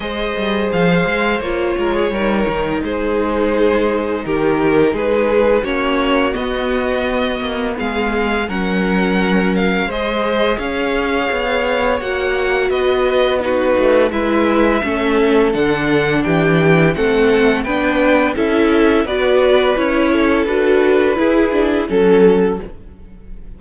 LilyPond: <<
  \new Staff \with { instrumentName = "violin" } { \time 4/4 \tempo 4 = 85 dis''4 f''4 cis''2 | c''2 ais'4 b'4 | cis''4 dis''2 f''4 | fis''4. f''8 dis''4 f''4~ |
f''4 fis''4 dis''4 b'4 | e''2 fis''4 g''4 | fis''4 g''4 e''4 d''4 | cis''4 b'2 a'4 | }
  \new Staff \with { instrumentName = "violin" } { \time 4/4 c''2~ c''8 ais'16 gis'16 ais'4 | gis'2 g'4 gis'4 | fis'2. gis'4 | ais'2 c''4 cis''4~ |
cis''2 b'4 fis'4 | b'4 a'2 g'4 | a'4 b'4 a'4 b'4~ | b'8 a'4. gis'4 a'4 | }
  \new Staff \with { instrumentName = "viola" } { \time 4/4 gis'2 f'4 dis'4~ | dis'1 | cis'4 b2. | cis'2 gis'2~ |
gis'4 fis'2 dis'4 | e'4 cis'4 d'2 | c'4 d'4 e'4 fis'4 | e'4 fis'4 e'8 d'8 cis'4 | }
  \new Staff \with { instrumentName = "cello" } { \time 4/4 gis8 g8 f8 gis8 ais8 gis8 g8 dis8 | gis2 dis4 gis4 | ais4 b4. ais8 gis4 | fis2 gis4 cis'4 |
b4 ais4 b4. a8 | gis4 a4 d4 e4 | a4 b4 cis'4 b4 | cis'4 d'4 e'4 fis4 | }
>>